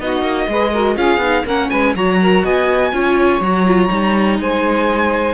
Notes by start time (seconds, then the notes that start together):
0.00 B3 D#4 F#4 D#5
0.22 A#3
0.48 G#3 G#4 B4
0.72 F#4 A#4
0.96 C#4 F4 G#4 F5
1.18 B3 D#4
1.45 A#3 C#4 A#4 F#5
1.70 G#3 B4 G#5
1.95 F#3 F#4 C#5 A#5
2.22 A#4
2.44 B3 D#5 G#5
2.92 C#4 F4 C#5
3.40 F#3 F#4 A#5
3.67 F4
3.89 G3 D#4
4.39 G#3 C5 G#5